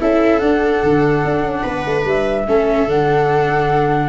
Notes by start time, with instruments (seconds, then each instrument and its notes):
0.00 tuba C#4, viola E4 A4, flute E5
0.39 viola D4, tuba D4, flute F#5
0.83 tuba D3
1.24 tuba D4
1.43 tuba C#4
1.62 tuba B3, viola B4
1.86 tuba A3
2.05 tuba G3, flute E5
2.47 tuba A3, viola C#4 A4
2.88 tuba D3, viola D4, flute F#5